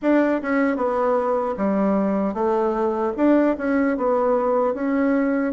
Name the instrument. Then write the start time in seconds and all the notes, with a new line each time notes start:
bassoon
0.01 D4
0.42 C#4
0.76 B3
1.57 G3
2.34 A3
3.17 D4
3.57 C#4
3.97 B3
4.74 C#4